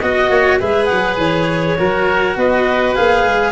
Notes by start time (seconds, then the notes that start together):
0.00 B3 F#4 D#5
0.30 A#3 C#5
0.60 G#3 G#4 B4 E5
0.85 F#5
0.92 F#3
1.17 E3 C#5
1.78 F#3 F#4 A#4
2.37 B3 B4 D#5
2.95 A#3 G#4 F5
3.25 G#3